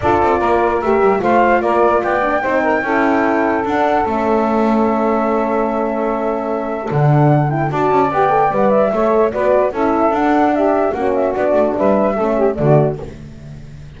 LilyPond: <<
  \new Staff \with { instrumentName = "flute" } { \time 4/4 \tempo 4 = 148 d''2 e''4 f''4 | d''4 g''2.~ | g''4 fis''4 e''2~ | e''1~ |
e''4 fis''4. g''8 a''4 | g''4 fis''8 e''4. d''4 | e''4 fis''4 e''4 fis''8 e''8 | d''4 e''2 d''4 | }
  \new Staff \with { instrumentName = "saxophone" } { \time 4/4 a'4 ais'2 c''4 | ais'4 d''4 c''8 ais'8 a'4~ | a'1~ | a'1~ |
a'2. d''4~ | d''2 cis''4 b'4 | a'2 g'4 fis'4~ | fis'4 b'4 a'8 g'8 fis'4 | }
  \new Staff \with { instrumentName = "horn" } { \time 4/4 f'2 g'4 f'4~ | f'4. d'8 dis'4 e'4~ | e'4 d'4 cis'2~ | cis'1~ |
cis'4 d'4. e'8 fis'4 | g'8 a'8 b'4 a'4 fis'4 | e'4 d'2 cis'4 | d'2 cis'4 a4 | }
  \new Staff \with { instrumentName = "double bass" } { \time 4/4 d'8 c'8 ais4 a8 g8 a4 | ais4 b4 c'4 cis'4~ | cis'4 d'4 a2~ | a1~ |
a4 d2 d'8 cis'8 | b4 g4 a4 b4 | cis'4 d'2 ais4 | b8 a8 g4 a4 d4 | }
>>